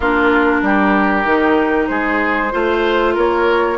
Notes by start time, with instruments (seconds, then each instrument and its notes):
0.00 bassoon A#3, clarinet D4, oboe F4, flute A#4
0.62 bassoon G3, oboe G4
1.24 bassoon D#3, clarinet D#4
1.87 bassoon G#3, oboe G#4, flute C5
2.51 bassoon A3, clarinet F4, oboe C5
3.14 bassoon A#3, oboe A#4, flute C#5